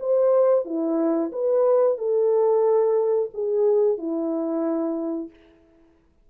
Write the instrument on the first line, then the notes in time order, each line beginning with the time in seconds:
horn
0.00 C5
0.65 E4
1.32 B4
1.98 A4
3.34 G#4
3.98 E4